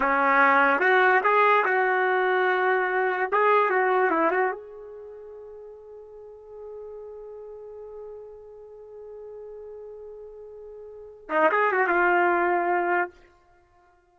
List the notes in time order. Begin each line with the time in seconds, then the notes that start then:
0.00 C#4
0.80 F#4
1.23 G#4
1.65 F#4
3.31 G#4
3.70 F#4
4.10 E4
4.31 F#4
4.51 G#4
11.29 D#4
11.51 G#4
11.71 F#4
11.87 F4